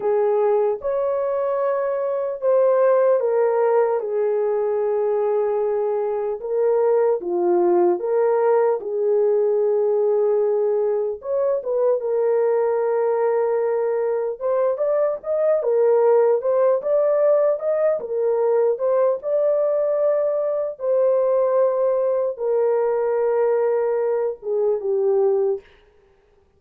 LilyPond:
\new Staff \with { instrumentName = "horn" } { \time 4/4 \tempo 4 = 75 gis'4 cis''2 c''4 | ais'4 gis'2. | ais'4 f'4 ais'4 gis'4~ | gis'2 cis''8 b'8 ais'4~ |
ais'2 c''8 d''8 dis''8 ais'8~ | ais'8 c''8 d''4 dis''8 ais'4 c''8 | d''2 c''2 | ais'2~ ais'8 gis'8 g'4 | }